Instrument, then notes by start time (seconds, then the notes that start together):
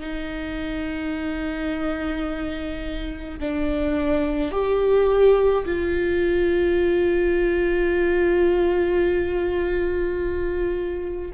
viola
0.00 D#4
3.40 D4
4.51 G4
5.65 F4